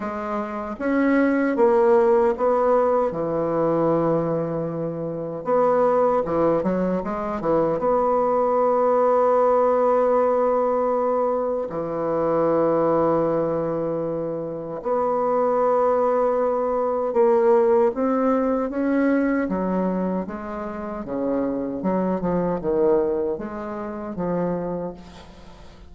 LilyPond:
\new Staff \with { instrumentName = "bassoon" } { \time 4/4 \tempo 4 = 77 gis4 cis'4 ais4 b4 | e2. b4 | e8 fis8 gis8 e8 b2~ | b2. e4~ |
e2. b4~ | b2 ais4 c'4 | cis'4 fis4 gis4 cis4 | fis8 f8 dis4 gis4 f4 | }